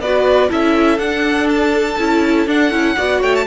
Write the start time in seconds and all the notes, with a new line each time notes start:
0.00 B3 F#4 B4 D5
0.49 C#4 E4 A4 E5
0.99 D4 F#5
1.49 A5
1.99 C#4 E4
2.47 D4 F#5
2.71 C#4 E4
2.97 B3 F#4 D5
3.21 A3 C#5 G5
3.35 A5